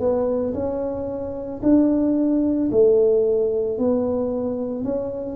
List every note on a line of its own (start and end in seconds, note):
0.00 0.54 B3
0.55 1.62 C#4
1.63 2.70 D4
2.72 3.78 A3
3.78 4.85 B3
4.85 5.37 C#4